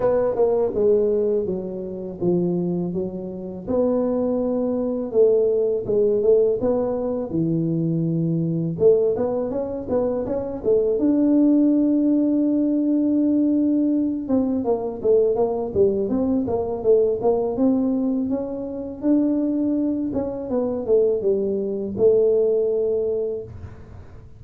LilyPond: \new Staff \with { instrumentName = "tuba" } { \time 4/4 \tempo 4 = 82 b8 ais8 gis4 fis4 f4 | fis4 b2 a4 | gis8 a8 b4 e2 | a8 b8 cis'8 b8 cis'8 a8 d'4~ |
d'2.~ d'8 c'8 | ais8 a8 ais8 g8 c'8 ais8 a8 ais8 | c'4 cis'4 d'4. cis'8 | b8 a8 g4 a2 | }